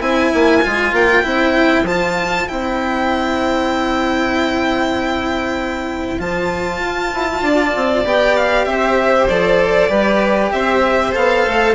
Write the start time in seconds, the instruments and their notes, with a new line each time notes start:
0.00 bassoon C4, cello E4, violin C5 G#5
0.34 bassoon A#3
0.62 bassoon G#3, cello F4
0.93 bassoon A#3, violin G5
1.23 bassoon C4, cello E4
1.83 bassoon F3, cello F4, violin A5
2.48 bassoon C4, cello E4, violin G5
6.19 bassoon F3, cello F4, violin A5
6.80 bassoon F4
7.14 bassoon E4
7.42 bassoon D4, violin D5
7.76 bassoon C4
8.05 bassoon B3, cello G4, violin G5
8.37 violin F5
8.65 bassoon C4, violin C5 E5
9.28 bassoon F3, cello A4, violin D5
9.89 bassoon G3, cello G4, violin B4
10.52 bassoon C4, violin C5 E5
11.12 bassoon B3, cello A4, violin F5
11.46 bassoon A3